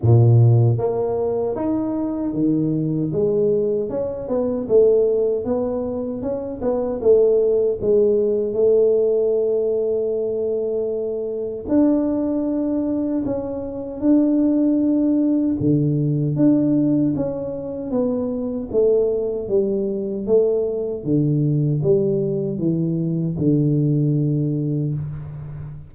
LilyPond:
\new Staff \with { instrumentName = "tuba" } { \time 4/4 \tempo 4 = 77 ais,4 ais4 dis'4 dis4 | gis4 cis'8 b8 a4 b4 | cis'8 b8 a4 gis4 a4~ | a2. d'4~ |
d'4 cis'4 d'2 | d4 d'4 cis'4 b4 | a4 g4 a4 d4 | g4 e4 d2 | }